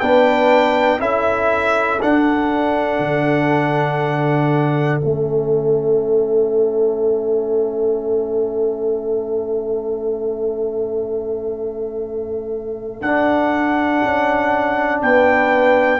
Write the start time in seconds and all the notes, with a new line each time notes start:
0.00 B3 D4 B4 G5
0.99 C#4 E4 A4 E5
2.01 D4 F#5
2.99 D3
5.00 A3 C#4 E5
13.01 D4 F#5
14.03 C#4
15.02 B3 B4 G5